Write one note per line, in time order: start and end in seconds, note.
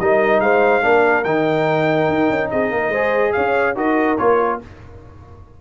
0.00 0.40 G3
0.00 0.82 D#4
0.00 0.42 A#4
0.00 0.41 D#5
0.40 0.82 G#3
0.40 0.83 C5
0.40 1.24 F5
0.82 1.25 A#3
0.82 1.24 D4
0.82 2.51 A#4
1.24 2.09 D#3
1.24 2.94 D#4
1.24 2.50 G5
2.09 2.30 D#4
2.30 2.51 C#4
2.50 2.71 C4
2.50 2.72 G#4
2.50 3.33 D#5
2.71 2.89 A#3
2.71 2.91 A#4
2.89 3.31 G#3
2.89 3.75 G#4
2.89 3.33 C5
3.33 3.76 C#4
3.33 3.77 C#5
3.33 3.75 F5
3.75 4.18 D#4
3.75 4.17 F#4
3.75 4.60 A#4
3.75 4.18 D#5
4.18 4.61 A#3
4.18 4.61 F4
4.18 4.60 C#5